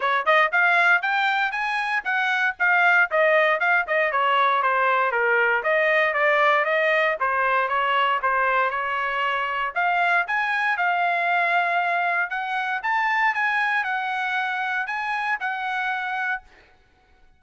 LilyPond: \new Staff \with { instrumentName = "trumpet" } { \time 4/4 \tempo 4 = 117 cis''8 dis''8 f''4 g''4 gis''4 | fis''4 f''4 dis''4 f''8 dis''8 | cis''4 c''4 ais'4 dis''4 | d''4 dis''4 c''4 cis''4 |
c''4 cis''2 f''4 | gis''4 f''2. | fis''4 a''4 gis''4 fis''4~ | fis''4 gis''4 fis''2 | }